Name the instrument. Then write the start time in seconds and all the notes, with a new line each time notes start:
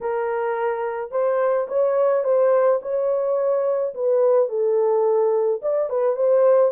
horn
0.01 A#4
1.11 C5
1.68 C#5
2.24 C5
2.82 C#5
3.94 B4
4.48 A4
5.62 D5
5.89 B4
6.16 C5